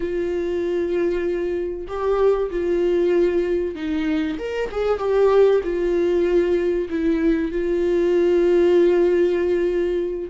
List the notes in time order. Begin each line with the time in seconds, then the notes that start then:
0.00 F4
1.87 G4
2.50 F4
3.75 D#4
4.38 A#4
4.71 G#4
4.98 G4
5.63 F4
6.89 E4
7.51 F4